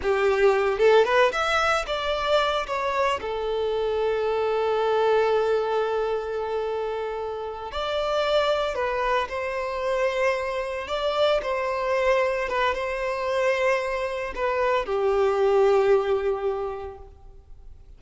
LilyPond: \new Staff \with { instrumentName = "violin" } { \time 4/4 \tempo 4 = 113 g'4. a'8 b'8 e''4 d''8~ | d''4 cis''4 a'2~ | a'1~ | a'2~ a'8 d''4.~ |
d''8 b'4 c''2~ c''8~ | c''8 d''4 c''2 b'8 | c''2. b'4 | g'1 | }